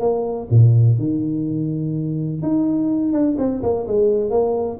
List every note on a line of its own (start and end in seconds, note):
0.00 0.48 A#3
0.50 0.98 A#2
0.98 2.42 D#3
2.42 3.13 D#4
3.13 3.37 D4
3.38 3.62 C4
3.63 3.87 A#3
3.87 4.30 G#3
4.30 4.78 A#3